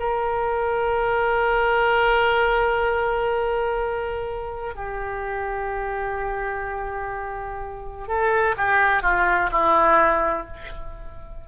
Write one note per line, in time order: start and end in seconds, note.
0.00 4.75 A#4
4.75 8.08 G4
8.08 8.56 A4
8.58 9.03 G4
9.03 9.50 F4
9.52 10.47 E4